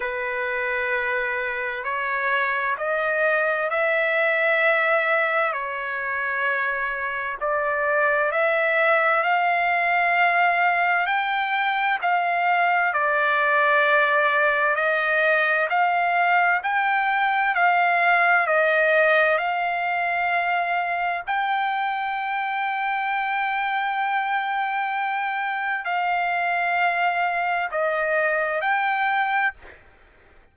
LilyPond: \new Staff \with { instrumentName = "trumpet" } { \time 4/4 \tempo 4 = 65 b'2 cis''4 dis''4 | e''2 cis''2 | d''4 e''4 f''2 | g''4 f''4 d''2 |
dis''4 f''4 g''4 f''4 | dis''4 f''2 g''4~ | g''1 | f''2 dis''4 g''4 | }